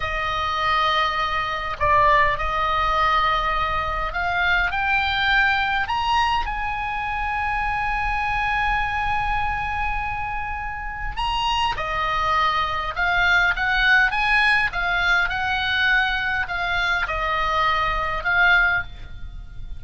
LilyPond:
\new Staff \with { instrumentName = "oboe" } { \time 4/4 \tempo 4 = 102 dis''2. d''4 | dis''2. f''4 | g''2 ais''4 gis''4~ | gis''1~ |
gis''2. ais''4 | dis''2 f''4 fis''4 | gis''4 f''4 fis''2 | f''4 dis''2 f''4 | }